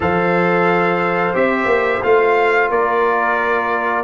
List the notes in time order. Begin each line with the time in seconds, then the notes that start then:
0.00 F3 A4 C5 F5
1.34 C4 G4 E5
1.65 A#3
2.02 A3 F4 F5
2.70 A#3 A#4 D5